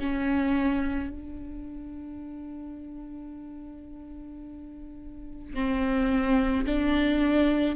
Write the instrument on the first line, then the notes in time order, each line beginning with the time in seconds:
viola
0.00 C#4
1.11 D4
5.55 C4
6.66 D4